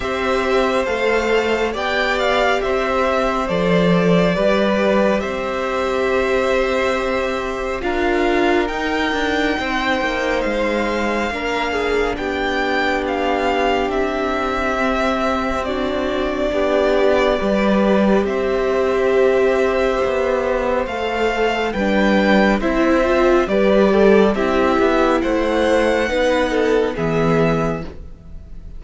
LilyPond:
<<
  \new Staff \with { instrumentName = "violin" } { \time 4/4 \tempo 4 = 69 e''4 f''4 g''8 f''8 e''4 | d''2 e''2~ | e''4 f''4 g''2 | f''2 g''4 f''4 |
e''2 d''2~ | d''4 e''2. | f''4 g''4 e''4 d''4 | e''4 fis''2 e''4 | }
  \new Staff \with { instrumentName = "violin" } { \time 4/4 c''2 d''4 c''4~ | c''4 b'4 c''2~ | c''4 ais'2 c''4~ | c''4 ais'8 gis'8 g'2~ |
g'2 fis'4 g'4 | b'4 c''2.~ | c''4 b'4 c''4 b'8 a'8 | g'4 c''4 b'8 a'8 gis'4 | }
  \new Staff \with { instrumentName = "viola" } { \time 4/4 g'4 a'4 g'2 | a'4 g'2.~ | g'4 f'4 dis'2~ | dis'4 d'2.~ |
d'4 c'4 d'2 | g'1 | a'4 d'4 e'8 f'8 g'4 | e'2 dis'4 b4 | }
  \new Staff \with { instrumentName = "cello" } { \time 4/4 c'4 a4 b4 c'4 | f4 g4 c'2~ | c'4 d'4 dis'8 d'8 c'8 ais8 | gis4 ais4 b2 |
c'2. b4 | g4 c'2 b4 | a4 g4 c'4 g4 | c'8 b8 a4 b4 e4 | }
>>